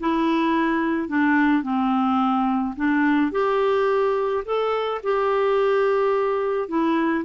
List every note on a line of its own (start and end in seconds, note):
0.00 1.08 E4
1.08 1.63 D4
1.63 2.75 C4
2.76 3.32 D4
3.32 4.44 G4
4.45 5.01 A4
5.03 6.68 G4
6.68 7.24 E4